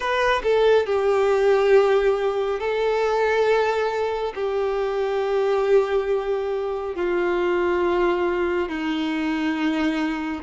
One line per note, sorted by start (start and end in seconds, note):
0.00 0.42 B4
0.43 0.86 A4
0.86 2.59 G4
2.59 4.33 A4
4.34 6.95 G4
6.95 8.68 F4
8.68 10.42 D#4